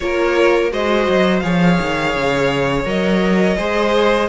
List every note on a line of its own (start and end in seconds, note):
0.00 0.72 A#3
0.00 0.70 F4
0.00 0.72 A#4
0.00 0.70 C#5
0.70 1.07 G#3
0.70 1.42 F#4
0.70 1.43 C5
0.70 1.39 D#5
1.08 1.43 F#3
1.39 1.79 F3
1.39 2.85 G#4
1.39 3.57 C#5
1.39 2.82 F5
1.80 2.15 D#3
2.15 2.85 C#3
2.85 3.56 F#3
2.85 3.56 A#4
2.85 4.28 D#5
3.57 4.28 G#3
3.57 4.28 G#4
3.57 4.28 C5